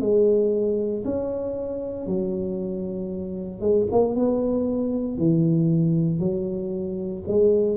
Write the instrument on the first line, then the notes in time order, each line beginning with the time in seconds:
tuba
0.00 G#3
1.04 C#4
2.06 F#3
3.61 G#3
3.91 A#3
4.15 B3
5.18 E3
6.19 F#3
7.27 G#3